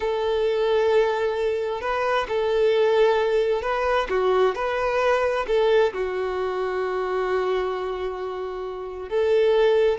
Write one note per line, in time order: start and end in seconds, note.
0.00 1.81 A4
1.81 2.26 B4
2.28 3.62 A4
3.62 4.07 B4
4.09 4.55 F#4
4.55 5.46 B4
5.47 5.92 A4
5.93 9.09 F#4
9.09 9.98 A4